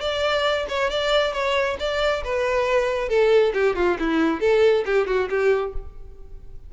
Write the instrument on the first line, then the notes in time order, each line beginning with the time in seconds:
violin
0.00 D5
0.69 C#5
0.90 D5
1.33 C#5
1.79 D5
2.24 B4
3.09 A4
3.53 G4
3.75 F4
3.99 E4
4.40 A4
4.85 G4
5.07 F#4
5.29 G4